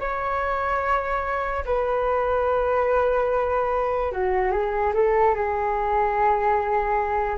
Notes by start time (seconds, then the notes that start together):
0.00 C#5
1.66 B4
4.12 F#4
4.52 G#4
4.94 A4
5.35 G#4